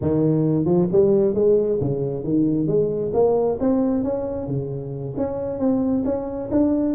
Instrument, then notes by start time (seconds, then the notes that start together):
tuba
0.01 D#3
0.65 F3
0.92 G3
1.34 G#3
1.80 C#3
2.24 D#3
2.67 G#3
3.13 A#3
3.60 C4
4.03 C#4
4.47 C#3
5.17 C#4
5.59 C4
6.04 C#4
6.51 D4